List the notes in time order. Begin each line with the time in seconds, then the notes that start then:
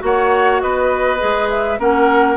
0.00 A#3 F#4 C#5 F#5
0.61 B3 B4 D#5
1.19 G#3 G#4
1.50 E5
1.79 A#3 C#4 A#4 F#5